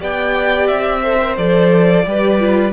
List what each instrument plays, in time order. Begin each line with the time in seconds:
0.00 cello B3, viola G4, violin D5 G5
0.68 cello C4, violin E5
1.03 viola A4, violin C5
1.21 viola A#4
1.37 cello F3, viola A4, violin D5
2.06 cello G3, viola G4, violin B4
2.40 viola F4